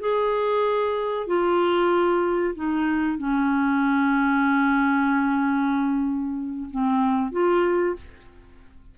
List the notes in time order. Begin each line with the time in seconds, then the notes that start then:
0.00 G#4
1.27 F4
2.55 D#4
3.18 C#4
6.71 C4
7.32 F4